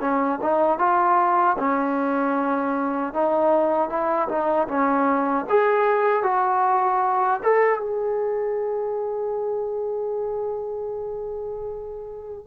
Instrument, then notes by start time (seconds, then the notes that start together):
trombone
0.00 C#4
0.42 D#4
0.79 F4
1.58 C#4
3.13 D#4
3.89 E4
4.29 D#4
4.68 C#4
5.49 G#4
6.23 F#4
7.43 A4
7.80 G#4